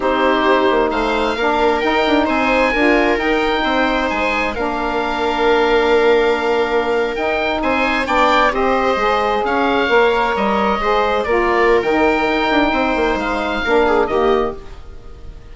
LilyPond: <<
  \new Staff \with { instrumentName = "oboe" } { \time 4/4 \tempo 4 = 132 c''2 f''2 | g''4 gis''2 g''4~ | g''4 gis''4 f''2~ | f''2.~ f''8. g''16~ |
g''8. gis''4 g''4 dis''4~ dis''16~ | dis''8. f''2 dis''4~ dis''16~ | dis''8. d''4~ d''16 g''2~ | g''4 f''2 dis''4 | }
  \new Staff \with { instrumentName = "viola" } { \time 4/4 g'2 c''4 ais'4~ | ais'4 c''4 ais'2 | c''2 ais'2~ | ais'1~ |
ais'8. c''4 d''4 c''4~ c''16~ | c''8. cis''2. c''16~ | c''8. ais'2.~ ais'16 | c''2 ais'8 gis'8 g'4 | }
  \new Staff \with { instrumentName = "saxophone" } { \time 4/4 dis'2. d'4 | dis'2 f'4 dis'4~ | dis'2 d'2~ | d'2.~ d'8. dis'16~ |
dis'4.~ dis'16 d'4 g'4 gis'16~ | gis'4.~ gis'16 ais'2 gis'16~ | gis'8. f'4~ f'16 dis'2~ | dis'2 d'4 ais4 | }
  \new Staff \with { instrumentName = "bassoon" } { \time 4/4 c'4. ais8 a4 ais4 | dis'8 d'8 c'4 d'4 dis'4 | c'4 gis4 ais2~ | ais2.~ ais8. dis'16~ |
dis'8. c'4 b4 c'4 gis16~ | gis8. cis'4 ais4 g4 gis16~ | gis8. ais4~ ais16 dis4 dis'8 d'8 | c'8 ais8 gis4 ais4 dis4 | }
>>